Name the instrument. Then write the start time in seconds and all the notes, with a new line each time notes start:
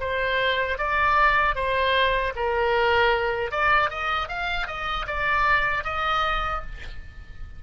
oboe
0.00 C5
0.78 D5
1.55 C5
2.36 A#4
3.51 D5
3.90 D#5
4.28 F5
4.67 D#5
5.07 D5
5.84 D#5